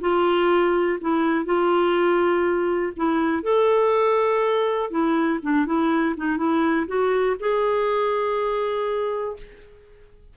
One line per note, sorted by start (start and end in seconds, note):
0.00 0.98 F4
1.00 1.45 E4
1.45 2.92 F4
2.96 3.42 E4
3.42 4.90 A4
4.90 5.39 E4
5.42 5.66 D4
5.66 6.15 E4
6.17 6.37 D#4
6.37 6.86 E4
6.87 7.36 F#4
7.39 9.36 G#4